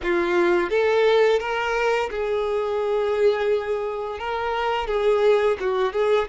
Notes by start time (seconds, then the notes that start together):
0.02 F4
0.70 A4
1.39 A#4
2.10 G#4
4.19 A#4
4.87 G#4
5.60 F#4
5.93 G#4